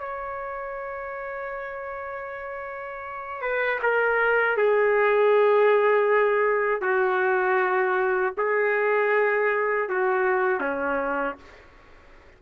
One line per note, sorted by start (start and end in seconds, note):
0.00 3.42 C#5
3.42 3.80 B4
3.83 4.57 A#4
4.57 6.82 G#4
6.82 8.34 F#4
8.38 9.90 G#4
9.90 10.61 F#4
10.61 11.36 C#4